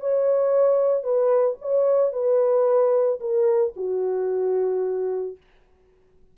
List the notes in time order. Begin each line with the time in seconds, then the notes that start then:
0.00 C#5
1.03 B4
1.61 C#5
2.13 B4
3.20 A#4
3.76 F#4